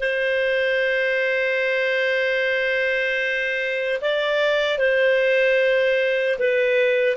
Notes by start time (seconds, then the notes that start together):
0.00 C5
4.01 D5
4.79 C5
6.39 B4